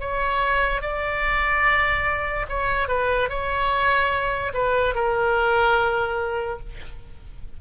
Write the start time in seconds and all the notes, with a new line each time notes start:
0.00 C#5
0.81 D5
2.48 C#5
2.88 B4
3.29 C#5
4.53 B4
4.95 A#4